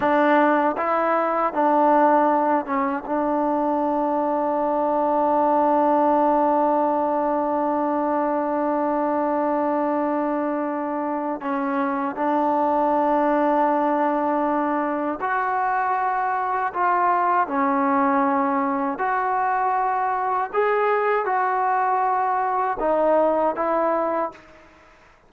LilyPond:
\new Staff \with { instrumentName = "trombone" } { \time 4/4 \tempo 4 = 79 d'4 e'4 d'4. cis'8 | d'1~ | d'1~ | d'2. cis'4 |
d'1 | fis'2 f'4 cis'4~ | cis'4 fis'2 gis'4 | fis'2 dis'4 e'4 | }